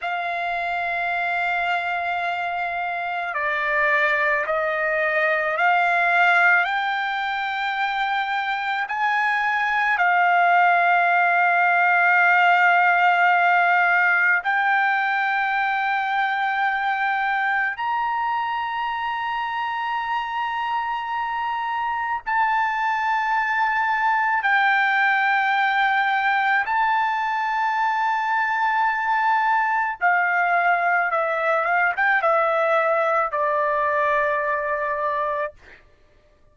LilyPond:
\new Staff \with { instrumentName = "trumpet" } { \time 4/4 \tempo 4 = 54 f''2. d''4 | dis''4 f''4 g''2 | gis''4 f''2.~ | f''4 g''2. |
ais''1 | a''2 g''2 | a''2. f''4 | e''8 f''16 g''16 e''4 d''2 | }